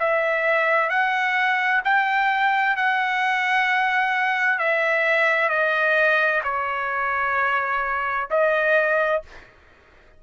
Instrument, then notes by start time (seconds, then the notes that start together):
trumpet
0.00 E5
0.90 F#5
1.85 G5
2.77 F#5
4.59 E5
5.50 D#5
6.44 C#5
8.31 D#5